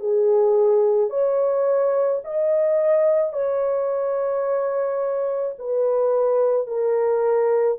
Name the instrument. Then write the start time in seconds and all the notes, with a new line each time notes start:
horn
0.00 G#4
1.10 C#5
2.24 D#5
3.33 C#5
5.59 B4
6.67 A#4